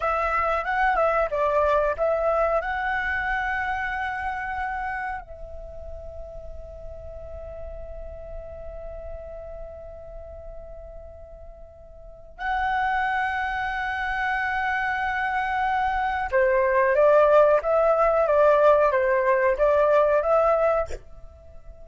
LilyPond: \new Staff \with { instrumentName = "flute" } { \time 4/4 \tempo 4 = 92 e''4 fis''8 e''8 d''4 e''4 | fis''1 | e''1~ | e''1~ |
e''2. fis''4~ | fis''1~ | fis''4 c''4 d''4 e''4 | d''4 c''4 d''4 e''4 | }